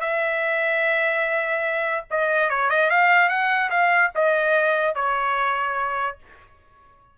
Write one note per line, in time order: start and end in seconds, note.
0.00 2.04 E5
2.10 2.50 D#5
2.50 2.70 C#5
2.70 2.90 D#5
2.90 3.29 F5
3.29 3.70 F#5
3.70 4.11 F5
4.15 4.95 D#5
4.95 6.17 C#5